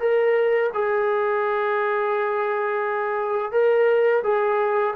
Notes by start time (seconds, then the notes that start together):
0.00 A#4
0.74 G#4
3.52 A#4
4.24 G#4